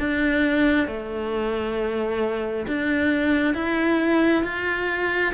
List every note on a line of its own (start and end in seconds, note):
0.00 0.87 D4
0.87 2.66 A3
2.68 3.55 D4
3.55 4.44 E4
4.44 5.34 F4